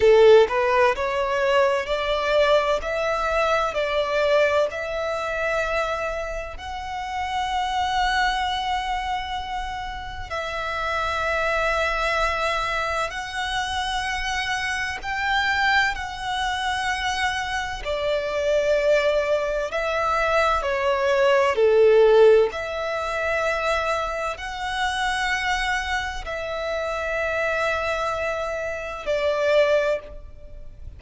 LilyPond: \new Staff \with { instrumentName = "violin" } { \time 4/4 \tempo 4 = 64 a'8 b'8 cis''4 d''4 e''4 | d''4 e''2 fis''4~ | fis''2. e''4~ | e''2 fis''2 |
g''4 fis''2 d''4~ | d''4 e''4 cis''4 a'4 | e''2 fis''2 | e''2. d''4 | }